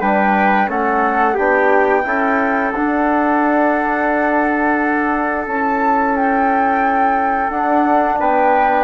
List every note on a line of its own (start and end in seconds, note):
0.00 0.68 G3
0.00 0.67 D4
0.00 0.68 B4
0.00 0.69 G5
0.67 1.36 A3
0.67 1.35 C#4
0.67 1.34 A4
0.67 1.36 F#5
1.34 2.05 B3
1.34 2.03 D4
1.34 2.02 G4
1.34 2.72 G5
2.03 2.73 C#4
2.03 2.71 E4
2.03 8.19 A4
2.72 5.46 D4
2.72 5.45 F#5
5.46 7.49 C#4
5.46 7.51 E4
5.46 6.15 A5
6.15 7.49 G5
7.49 8.17 D4
7.49 8.83 D4
7.49 8.17 F#5
8.19 8.83 B3
8.19 8.83 B4
8.19 8.83 G5